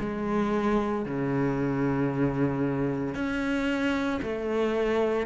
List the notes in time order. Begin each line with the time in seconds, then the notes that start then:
0.00 G#3
1.05 C#3
3.15 C#4
4.22 A3